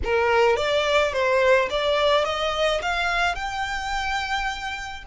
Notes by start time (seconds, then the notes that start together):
0.04 A#4
0.56 D5
1.12 C5
1.69 D5
2.24 D#5
2.82 F5
3.35 G5